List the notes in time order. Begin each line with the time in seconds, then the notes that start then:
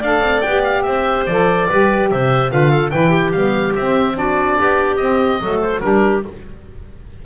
0.00 D4 A4 D5 F5
0.21 C4
0.41 B3 G5
0.47 G4
0.64 F5
0.83 C4 C5 E5
1.27 F3 A4 D5
1.69 G3 G4 B4
2.11 C3 C5 E5
2.50 D3 F4 B4 F5
2.71 A4
2.91 E3 E4 B4 G5
3.10 G4
3.32 G3 B3 F5
3.76 C4 E5
4.15 D4 F#4 D5
4.59 B3 G4
4.97 C4 D#5
5.41 F#3 A3 A4
5.62 C5
5.81 G3 D4 G4 A#4